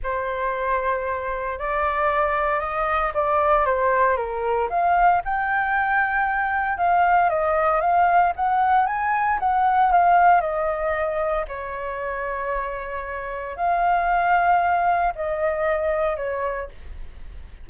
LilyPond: \new Staff \with { instrumentName = "flute" } { \time 4/4 \tempo 4 = 115 c''2. d''4~ | d''4 dis''4 d''4 c''4 | ais'4 f''4 g''2~ | g''4 f''4 dis''4 f''4 |
fis''4 gis''4 fis''4 f''4 | dis''2 cis''2~ | cis''2 f''2~ | f''4 dis''2 cis''4 | }